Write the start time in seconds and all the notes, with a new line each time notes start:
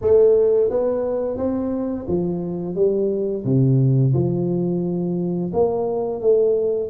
0.01 A3
0.70 B3
1.37 C4
2.07 F3
2.75 G3
3.44 C3
4.13 F3
5.53 A#3
6.21 A3